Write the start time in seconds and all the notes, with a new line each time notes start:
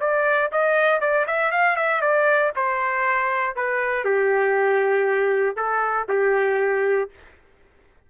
0.00 D5
0.52 D#5
1.00 D5
1.27 E5
1.51 F5
1.76 E5
2.01 D5
2.55 C5
3.55 B4
4.04 G4
5.56 A4
6.08 G4